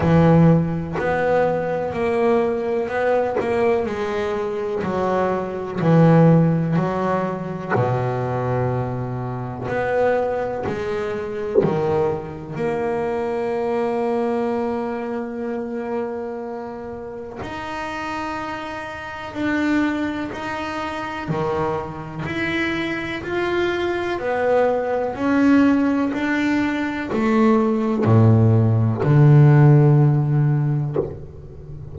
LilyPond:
\new Staff \with { instrumentName = "double bass" } { \time 4/4 \tempo 4 = 62 e4 b4 ais4 b8 ais8 | gis4 fis4 e4 fis4 | b,2 b4 gis4 | dis4 ais2.~ |
ais2 dis'2 | d'4 dis'4 dis4 e'4 | f'4 b4 cis'4 d'4 | a4 a,4 d2 | }